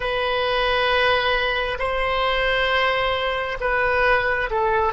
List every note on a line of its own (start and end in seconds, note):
0.00 1.77 B4
1.78 3.57 C5
3.60 4.50 B4
4.50 4.93 A4